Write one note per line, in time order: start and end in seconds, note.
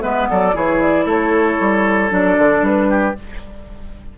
0.00 0.29 G#3
0.00 0.52 B3
0.00 0.29 B4
0.00 0.27 E5
0.30 0.55 F#3
0.30 0.55 A4
0.30 0.56 D5
0.53 1.05 E3
0.53 2.10 E4
0.53 1.05 G#4
0.53 0.82 C#5
0.82 1.08 D5
1.05 1.58 A3
1.05 2.88 A4
1.05 2.13 C#5
1.60 2.11 G3
2.10 2.37 F#3
2.10 3.14 D4
2.10 2.66 D5
2.38 2.62 D3
2.62 3.14 G3
2.62 3.18 B4
2.90 3.16 G4